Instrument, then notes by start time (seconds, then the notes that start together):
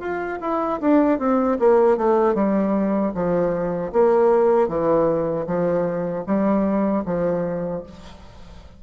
bassoon
0.00 F4
0.41 E4
0.81 D4
1.19 C4
1.59 A#3
1.98 A3
2.34 G3
3.15 F3
3.92 A#3
4.68 E3
5.47 F3
6.26 G3
7.06 F3